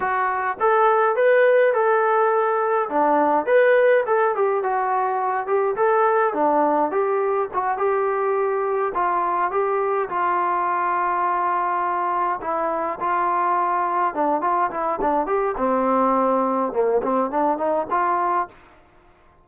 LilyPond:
\new Staff \with { instrumentName = "trombone" } { \time 4/4 \tempo 4 = 104 fis'4 a'4 b'4 a'4~ | a'4 d'4 b'4 a'8 g'8 | fis'4. g'8 a'4 d'4 | g'4 fis'8 g'2 f'8~ |
f'8 g'4 f'2~ f'8~ | f'4. e'4 f'4.~ | f'8 d'8 f'8 e'8 d'8 g'8 c'4~ | c'4 ais8 c'8 d'8 dis'8 f'4 | }